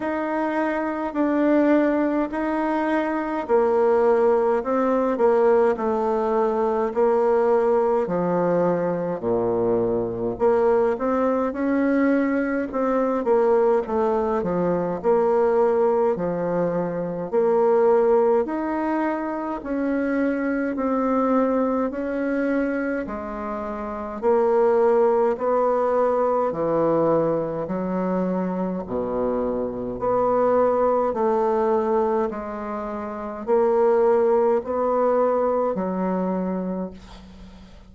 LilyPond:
\new Staff \with { instrumentName = "bassoon" } { \time 4/4 \tempo 4 = 52 dis'4 d'4 dis'4 ais4 | c'8 ais8 a4 ais4 f4 | ais,4 ais8 c'8 cis'4 c'8 ais8 | a8 f8 ais4 f4 ais4 |
dis'4 cis'4 c'4 cis'4 | gis4 ais4 b4 e4 | fis4 b,4 b4 a4 | gis4 ais4 b4 fis4 | }